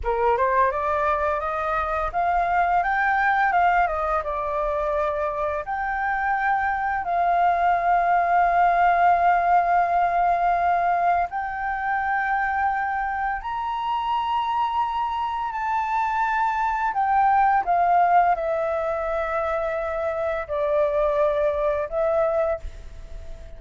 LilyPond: \new Staff \with { instrumentName = "flute" } { \time 4/4 \tempo 4 = 85 ais'8 c''8 d''4 dis''4 f''4 | g''4 f''8 dis''8 d''2 | g''2 f''2~ | f''1 |
g''2. ais''4~ | ais''2 a''2 | g''4 f''4 e''2~ | e''4 d''2 e''4 | }